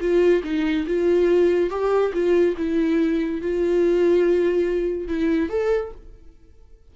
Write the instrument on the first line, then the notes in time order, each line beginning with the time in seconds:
viola
0.00 F4
0.43 D#4
0.86 F4
1.70 G4
2.13 F4
2.57 E4
3.41 F4
5.08 E4
5.49 A4